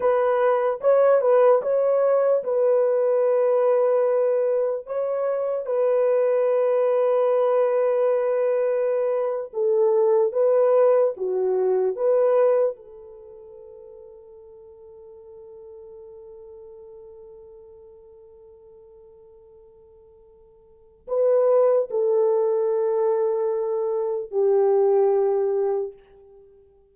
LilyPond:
\new Staff \with { instrumentName = "horn" } { \time 4/4 \tempo 4 = 74 b'4 cis''8 b'8 cis''4 b'4~ | b'2 cis''4 b'4~ | b'2.~ b'8. a'16~ | a'8. b'4 fis'4 b'4 a'16~ |
a'1~ | a'1~ | a'2 b'4 a'4~ | a'2 g'2 | }